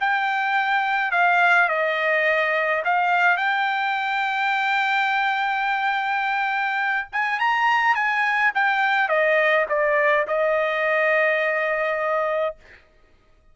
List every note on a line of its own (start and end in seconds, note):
0.00 1.11 G5
1.11 1.69 F5
1.69 2.83 D#5
2.84 3.37 F5
3.37 7.08 G5
7.12 7.39 G#5
7.39 7.95 A#5
7.95 8.52 G#5
8.54 9.09 G5
9.09 9.66 D#5
9.69 10.26 D5
10.27 12.56 D#5